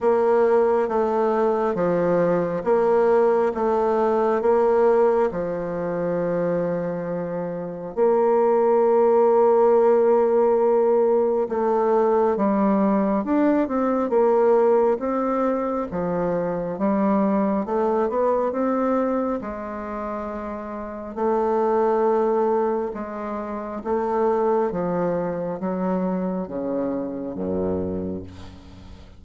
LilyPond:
\new Staff \with { instrumentName = "bassoon" } { \time 4/4 \tempo 4 = 68 ais4 a4 f4 ais4 | a4 ais4 f2~ | f4 ais2.~ | ais4 a4 g4 d'8 c'8 |
ais4 c'4 f4 g4 | a8 b8 c'4 gis2 | a2 gis4 a4 | f4 fis4 cis4 fis,4 | }